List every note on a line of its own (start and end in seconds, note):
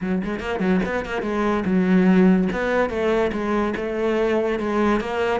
0.01 0.22 F#3
0.24 0.40 G#3
0.40 0.59 A#3
0.59 0.80 F#3
0.85 1.05 B3
1.05 1.22 A#3
1.22 1.63 G#3
1.65 2.48 F#3
2.52 2.89 B3
2.89 3.31 A3
3.32 3.73 G#3
3.76 4.59 A3
4.59 5.00 G#3
5.00 5.40 A#3